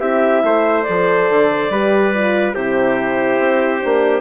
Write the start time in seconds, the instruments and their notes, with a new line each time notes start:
0.00 bassoon C4, horn E4, trumpet G4, clarinet E5
0.44 bassoon A3, trumpet C5
0.83 bassoon F3, horn A4, clarinet D5
1.30 bassoon D3
1.70 bassoon G3, horn G4, trumpet B4
2.14 horn F4
2.55 bassoon C3, horn E4, trumpet G4, clarinet C5
3.40 bassoon C4
3.80 bassoon A#3, horn D4